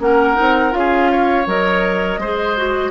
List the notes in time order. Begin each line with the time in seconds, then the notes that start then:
0.00 A#3 C#4 A#4 F#5
0.36 C4 D#4
0.72 C#4 F4 F5
0.79 G#4
1.12 C#5
1.47 F#3 A#4 D#5
2.18 G#3 G#4 C5
2.57 F#4